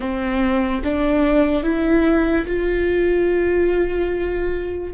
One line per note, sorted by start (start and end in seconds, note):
0.00 0.82 C4
0.83 1.63 D4
1.63 2.45 E4
2.46 4.93 F4